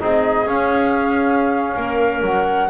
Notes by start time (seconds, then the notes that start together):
0.00 C4 D#4 G#4 D#5
0.47 C#4 F5
1.77 A#3 A#4
2.22 F#3 F#5